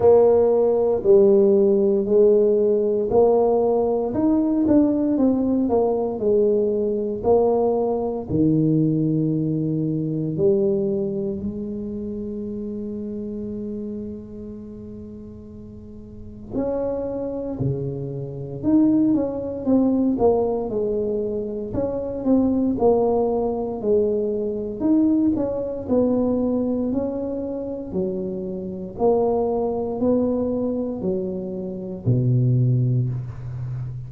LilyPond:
\new Staff \with { instrumentName = "tuba" } { \time 4/4 \tempo 4 = 58 ais4 g4 gis4 ais4 | dis'8 d'8 c'8 ais8 gis4 ais4 | dis2 g4 gis4~ | gis1 |
cis'4 cis4 dis'8 cis'8 c'8 ais8 | gis4 cis'8 c'8 ais4 gis4 | dis'8 cis'8 b4 cis'4 fis4 | ais4 b4 fis4 b,4 | }